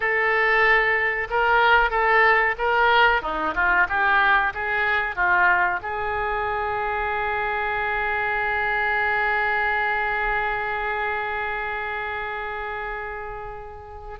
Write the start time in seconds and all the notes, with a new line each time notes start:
0.00 A4
1.29 A#4
1.90 A4
2.58 A#4
3.22 D#4
3.55 F4
3.88 G4
4.54 G#4
5.15 F4
5.82 G#4